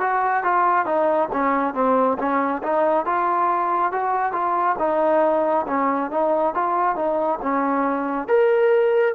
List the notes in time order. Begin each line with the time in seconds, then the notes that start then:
0.00 F#4
0.43 F4
0.85 D#4
1.32 C#4
1.74 C4
2.18 C#4
2.62 D#4
3.06 F4
3.92 F#4
4.32 F4
4.79 D#4
5.67 C#4
6.11 D#4
6.54 F4
6.96 D#4
7.42 C#4
8.28 A#4